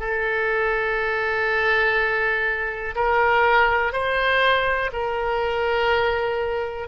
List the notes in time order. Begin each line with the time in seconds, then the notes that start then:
0.00 A4
2.95 A#4
3.93 C5
4.92 A#4